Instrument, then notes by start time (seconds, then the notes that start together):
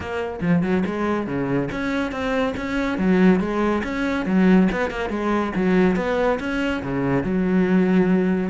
cello
0.00 A#3
0.41 F3
0.62 F#3
0.86 G#3
1.26 C#3
1.71 C#4
2.11 C4
2.56 C#4
2.98 F#3
3.39 G#3
3.83 C#4
4.25 F#3
4.72 B3
4.90 A#3
5.09 G#3
5.55 F#3
5.96 B3
6.39 C#4
6.82 C#3
7.23 F#3